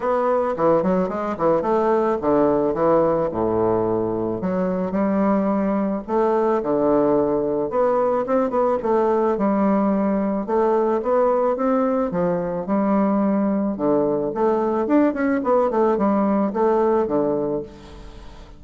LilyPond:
\new Staff \with { instrumentName = "bassoon" } { \time 4/4 \tempo 4 = 109 b4 e8 fis8 gis8 e8 a4 | d4 e4 a,2 | fis4 g2 a4 | d2 b4 c'8 b8 |
a4 g2 a4 | b4 c'4 f4 g4~ | g4 d4 a4 d'8 cis'8 | b8 a8 g4 a4 d4 | }